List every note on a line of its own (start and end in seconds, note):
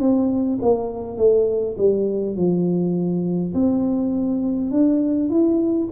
0.00 0.59 C4
0.61 1.17 A#3
1.17 1.76 A3
1.78 2.36 G3
2.36 3.53 F3
3.54 4.71 C4
4.71 5.29 D4
5.30 5.89 E4